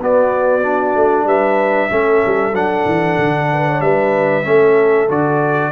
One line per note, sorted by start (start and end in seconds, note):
0.00 0.96 B3
0.00 0.63 B3
0.00 1.26 F#4
0.00 1.28 D5
0.63 1.90 D4
0.96 1.25 A3
1.25 1.89 G3
1.25 1.89 B4
1.25 2.56 E5
1.89 2.23 A3
1.89 2.54 C#4
1.89 3.48 A4
2.26 2.53 G3
2.53 2.85 F#3
2.53 4.44 D4
2.53 3.81 F#5
2.86 3.17 E3
3.18 3.81 D3
3.53 3.69 B4
3.69 3.84 C#5
3.81 4.45 G3
3.81 4.47 B4
3.81 5.09 E5
4.44 5.10 A3
4.44 5.08 C#4
4.44 5.72 A4
5.09 5.72 D3
5.09 5.72 F#4
5.09 5.72 D5